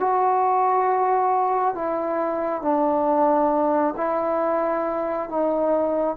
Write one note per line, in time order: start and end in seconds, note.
0.00 1.75 F#4
1.75 2.63 E4
2.63 3.95 D4
3.97 5.29 E4
5.30 6.17 D#4